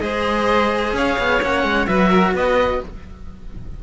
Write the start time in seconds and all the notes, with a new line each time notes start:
0.00 G#3 G#4 C5 D#5
0.93 C#4 C#5 F5
1.18 B3
1.42 A#3 C#4 F#5
1.63 G#3
1.87 F#3 F#4 B4 E5
2.08 A#4
2.33 B3 B4 D#5